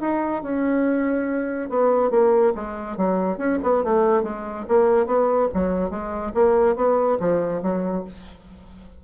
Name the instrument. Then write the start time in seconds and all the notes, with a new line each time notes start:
bassoon
0.00 D#4
0.42 C#4
1.69 B3
2.10 A#3
2.54 G#3
2.97 F#3
3.37 C#4
3.63 B3
3.83 A3
4.23 G#3
4.68 A#3
5.06 B3
5.53 F#3
5.90 G#3
6.34 A#3
6.76 B3
7.20 F3
7.62 F#3